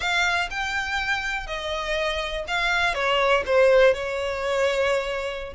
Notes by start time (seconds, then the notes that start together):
0.00 F5
0.50 G5
1.46 D#5
2.47 F5
2.94 C#5
3.46 C5
3.94 C#5